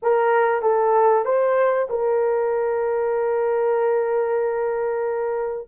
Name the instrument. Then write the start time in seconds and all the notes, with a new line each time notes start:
horn
0.02 A#4
0.61 A4
1.25 C5
1.89 A#4